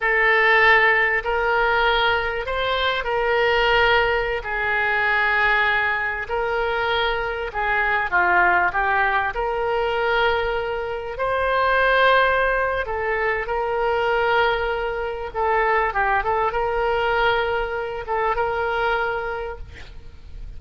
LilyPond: \new Staff \with { instrumentName = "oboe" } { \time 4/4 \tempo 4 = 98 a'2 ais'2 | c''4 ais'2~ ais'16 gis'8.~ | gis'2~ gis'16 ais'4.~ ais'16~ | ais'16 gis'4 f'4 g'4 ais'8.~ |
ais'2~ ais'16 c''4.~ c''16~ | c''4 a'4 ais'2~ | ais'4 a'4 g'8 a'8 ais'4~ | ais'4. a'8 ais'2 | }